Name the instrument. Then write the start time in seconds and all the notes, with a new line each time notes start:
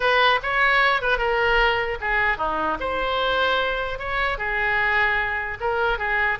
oboe
0.00 B4
0.42 C#5
1.01 B4
1.17 A#4
2.00 G#4
2.37 D#4
2.79 C5
3.98 C#5
4.37 G#4
5.60 A#4
5.98 G#4